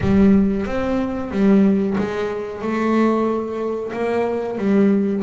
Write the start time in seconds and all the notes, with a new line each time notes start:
0.01 G3
0.66 C4
1.31 G3
1.97 G#3
2.61 A3
3.92 A#3
4.58 G3